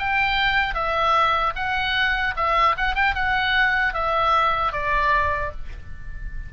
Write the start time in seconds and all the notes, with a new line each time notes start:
0.00 G5
0.75 E5
1.56 F#5
2.37 E5
2.78 F#5
2.95 G5
3.15 F#5
3.94 E5
4.73 D5